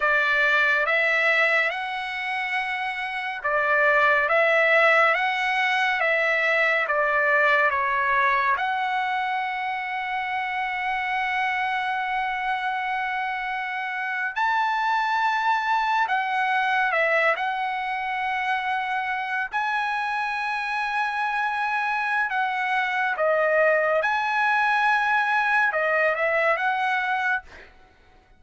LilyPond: \new Staff \with { instrumentName = "trumpet" } { \time 4/4 \tempo 4 = 70 d''4 e''4 fis''2 | d''4 e''4 fis''4 e''4 | d''4 cis''4 fis''2~ | fis''1~ |
fis''8. a''2 fis''4 e''16~ | e''16 fis''2~ fis''8 gis''4~ gis''16~ | gis''2 fis''4 dis''4 | gis''2 dis''8 e''8 fis''4 | }